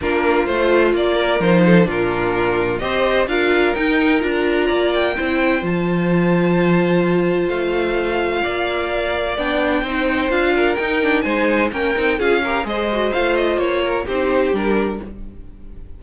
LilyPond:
<<
  \new Staff \with { instrumentName = "violin" } { \time 4/4 \tempo 4 = 128 ais'4 c''4 d''4 c''4 | ais'2 dis''4 f''4 | g''4 ais''4. g''4. | a''1 |
f''1 | g''2 f''4 g''4 | gis''4 g''4 f''4 dis''4 | f''8 dis''8 cis''4 c''4 ais'4 | }
  \new Staff \with { instrumentName = "violin" } { \time 4/4 f'2~ f'8 ais'4 a'8 | f'2 c''4 ais'4~ | ais'2 d''4 c''4~ | c''1~ |
c''2 d''2~ | d''4 c''4. ais'4. | c''4 ais'4 gis'8 ais'8 c''4~ | c''4. ais'8 g'2 | }
  \new Staff \with { instrumentName = "viola" } { \time 4/4 d'4 f'2 dis'4 | d'2 g'4 f'4 | dis'4 f'2 e'4 | f'1~ |
f'1 | d'4 dis'4 f'4 dis'8 d'8 | dis'4 cis'8 dis'8 f'8 g'8 gis'8 fis'8 | f'2 dis'4 d'4 | }
  \new Staff \with { instrumentName = "cello" } { \time 4/4 ais4 a4 ais4 f4 | ais,2 c'4 d'4 | dis'4 d'4 ais4 c'4 | f1 |
a2 ais2 | b4 c'4 d'4 dis'4 | gis4 ais8 c'8 cis'4 gis4 | a4 ais4 c'4 g4 | }
>>